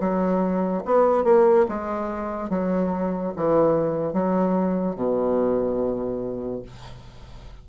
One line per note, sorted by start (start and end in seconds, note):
0.00 0.83 F#3
0.85 1.24 B3
1.24 1.66 A#3
1.68 2.50 G#3
2.50 3.33 F#3
3.36 4.13 E3
4.13 4.95 F#3
4.95 6.62 B2